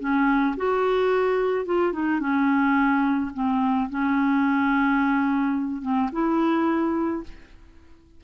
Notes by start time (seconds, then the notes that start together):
0.00 C#4
0.57 F#4
1.65 F4
1.93 D#4
2.20 C#4
3.34 C4
3.90 C#4
5.82 C4
6.12 E4